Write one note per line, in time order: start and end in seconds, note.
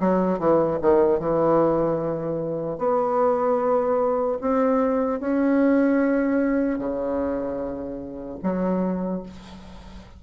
0.00 0.39 F#3
0.39 0.79 E3
0.81 1.20 D#3
1.20 2.78 E3
2.78 4.38 B3
4.41 5.20 C4
5.20 6.79 C#4
6.79 8.39 C#3
8.43 9.23 F#3